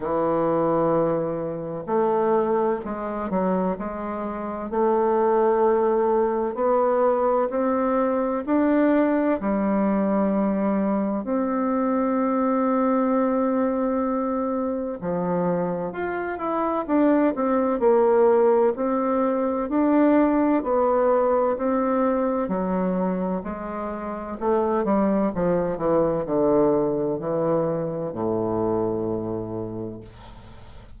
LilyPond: \new Staff \with { instrumentName = "bassoon" } { \time 4/4 \tempo 4 = 64 e2 a4 gis8 fis8 | gis4 a2 b4 | c'4 d'4 g2 | c'1 |
f4 f'8 e'8 d'8 c'8 ais4 | c'4 d'4 b4 c'4 | fis4 gis4 a8 g8 f8 e8 | d4 e4 a,2 | }